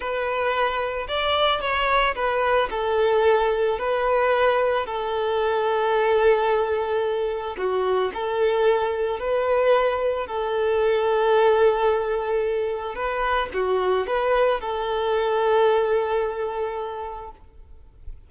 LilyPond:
\new Staff \with { instrumentName = "violin" } { \time 4/4 \tempo 4 = 111 b'2 d''4 cis''4 | b'4 a'2 b'4~ | b'4 a'2.~ | a'2 fis'4 a'4~ |
a'4 b'2 a'4~ | a'1 | b'4 fis'4 b'4 a'4~ | a'1 | }